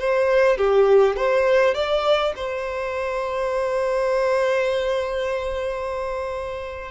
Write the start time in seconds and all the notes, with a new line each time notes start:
0.00 C5
0.58 G4
1.17 C5
1.75 D5
2.36 C5